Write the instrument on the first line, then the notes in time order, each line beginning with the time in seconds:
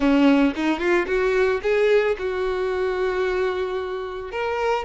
violin
0.00 C#4
0.55 D#4
0.79 F4
1.07 F#4
1.62 G#4
2.18 F#4
4.31 A#4